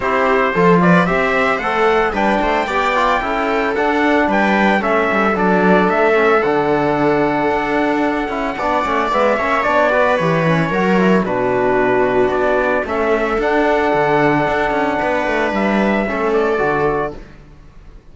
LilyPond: <<
  \new Staff \with { instrumentName = "trumpet" } { \time 4/4 \tempo 4 = 112 c''4. d''8 e''4 fis''4 | g''2. fis''4 | g''4 e''4 d''4 e''4 | fis''1~ |
fis''4 e''4 d''4 cis''4~ | cis''4 b'2 d''4 | e''4 fis''2.~ | fis''4 e''4. d''4. | }
  \new Staff \with { instrumentName = "viola" } { \time 4/4 g'4 a'8 b'8 c''2 | b'8 c''8 d''4 a'2 | b'4 a'2.~ | a'1 |
d''4. cis''4 b'4. | ais'4 fis'2. | a'1 | b'2 a'2 | }
  \new Staff \with { instrumentName = "trombone" } { \time 4/4 e'4 f'4 g'4 a'4 | d'4 g'8 f'8 e'4 d'4~ | d'4 cis'4 d'4. cis'8 | d'2.~ d'8 e'8 |
d'8 cis'8 b8 cis'8 d'8 fis'8 g'8 cis'8 | fis'8 e'8 d'2. | cis'4 d'2.~ | d'2 cis'4 fis'4 | }
  \new Staff \with { instrumentName = "cello" } { \time 4/4 c'4 f4 c'4 a4 | g8 a8 b4 cis'4 d'4 | g4 a8 g8 fis4 a4 | d2 d'4. cis'8 |
b8 a8 gis8 ais8 b4 e4 | fis4 b,2 b4 | a4 d'4 d4 d'8 cis'8 | b8 a8 g4 a4 d4 | }
>>